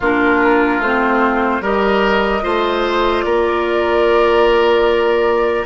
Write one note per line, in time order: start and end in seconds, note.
0.00 0.78 A#3
0.00 0.83 D4
0.00 1.62 F4
0.00 0.82 A#4
0.78 1.59 A3
0.78 1.62 C4
0.78 1.63 C5
1.60 2.42 G3
1.60 2.41 G4
1.60 2.43 A#4
1.60 3.21 D#5
2.41 3.24 A3
2.41 5.65 F4
2.41 3.24 C5
3.21 5.65 A#3
3.21 5.65 A#4
3.21 5.65 D5